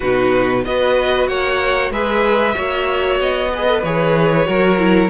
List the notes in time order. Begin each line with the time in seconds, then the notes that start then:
0.00 B2 D#4 F#4 B4
0.64 B3 F#4 B4 D#5
1.27 A#3 C#5 F#5
1.90 G#3 G#4 B4 E5
2.54 A#3 F#4 C#5
3.19 B3 D#5
3.53 G#4 B4
3.67 A4
3.83 E3 G#4 C#5
4.45 F#3 F#4 A#4
4.78 E4